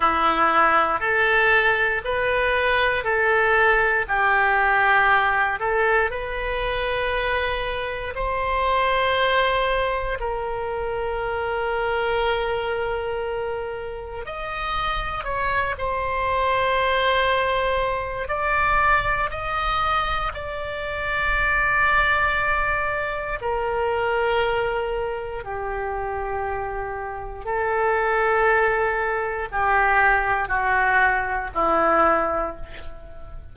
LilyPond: \new Staff \with { instrumentName = "oboe" } { \time 4/4 \tempo 4 = 59 e'4 a'4 b'4 a'4 | g'4. a'8 b'2 | c''2 ais'2~ | ais'2 dis''4 cis''8 c''8~ |
c''2 d''4 dis''4 | d''2. ais'4~ | ais'4 g'2 a'4~ | a'4 g'4 fis'4 e'4 | }